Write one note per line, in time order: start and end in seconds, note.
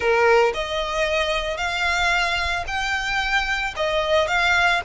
0.00 0.53 A#4
0.54 1.57 D#5
1.57 2.64 F5
2.67 3.74 G5
3.76 4.27 D#5
4.27 4.81 F5